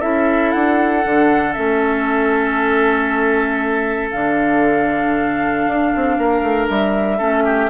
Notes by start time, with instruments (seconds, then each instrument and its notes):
0.00 bassoon C#4, clarinet E4, oboe A4, flute E5
0.51 bassoon D4, flute F#5
1.03 bassoon D3, clarinet D4
1.53 bassoon A3, clarinet C#4, flute E5
4.11 bassoon D3, clarinet D4, flute F5
5.66 bassoon D4
5.95 bassoon C4
6.17 bassoon A#3, oboe A#4
6.41 bassoon A3
6.69 bassoon G3, flute E5
7.18 bassoon A3, clarinet C#4, oboe A4
7.44 oboe G4